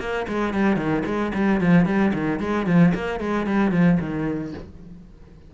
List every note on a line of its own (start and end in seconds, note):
0.00 0.27 A#3
0.28 0.54 G#3
0.54 0.77 G3
0.77 1.04 D#3
1.05 1.32 G#3
1.35 1.61 G3
1.61 1.86 F3
1.86 2.13 G3
2.14 2.40 D#3
2.40 2.67 G#3
2.67 2.94 F3
2.95 3.20 A#3
3.20 3.47 G#3
3.47 3.72 G3
3.72 3.99 F3
4.00 4.54 D#3